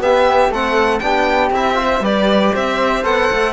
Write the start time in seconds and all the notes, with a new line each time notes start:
0.00 B3 G4 E5
0.49 A3 C4 A4 F#5
0.99 B3 D4 G4 G5
1.51 C4 E4 E5
1.74 F4 C5
2.00 G3 G4 B4 D5
2.53 C4 C5 E5
3.03 B3 A4 F#5
3.31 A3